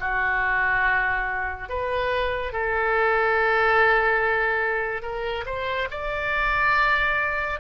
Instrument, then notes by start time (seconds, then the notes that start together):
oboe
0.00 F#4
1.69 B4
2.52 A4
5.02 A#4
5.46 C5
5.90 D5